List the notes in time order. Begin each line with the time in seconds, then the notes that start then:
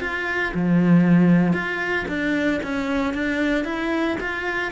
0.00 F4
0.54 F3
1.53 F4
2.08 D4
2.63 C#4
3.14 D4
3.64 E4
4.20 F4